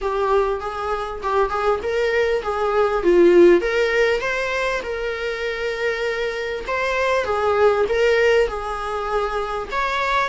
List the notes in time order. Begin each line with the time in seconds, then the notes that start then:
0.01 G4
0.60 G#4
1.23 G4
1.49 G#4
1.82 A#4
2.42 G#4
3.03 F4
3.61 A#4
4.20 C5
4.82 A#4
6.67 C5
7.24 G#4
7.88 A#4
8.47 G#4
9.71 C#5